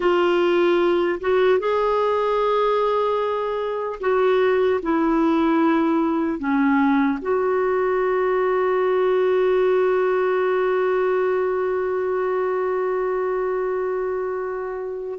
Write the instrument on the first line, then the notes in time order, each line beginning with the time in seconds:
clarinet
0.00 F4
1.20 F#4
1.59 G#4
4.00 F#4
4.82 E4
6.38 C#4
7.21 F#4